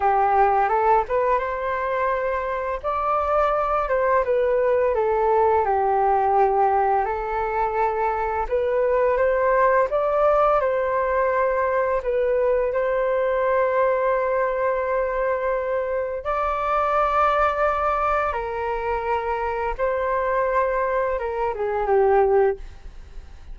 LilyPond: \new Staff \with { instrumentName = "flute" } { \time 4/4 \tempo 4 = 85 g'4 a'8 b'8 c''2 | d''4. c''8 b'4 a'4 | g'2 a'2 | b'4 c''4 d''4 c''4~ |
c''4 b'4 c''2~ | c''2. d''4~ | d''2 ais'2 | c''2 ais'8 gis'8 g'4 | }